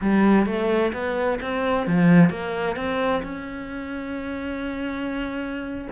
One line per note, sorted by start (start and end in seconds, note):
0.01 0.46 G3
0.46 0.92 A3
0.93 1.39 B3
1.41 1.86 C4
1.86 2.30 F3
2.30 2.75 A#3
2.75 3.22 C4
3.22 5.88 C#4